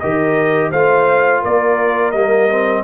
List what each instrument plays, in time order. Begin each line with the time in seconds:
0.00 tuba D#3, trombone G4, horn A#4, trumpet D#5
0.71 tuba A3, trombone F4, horn C5, trumpet F5
1.42 tuba A#3, horn A#4, trumpet D5
2.12 tuba G3, trombone A#3, trumpet D#5
2.51 trombone C4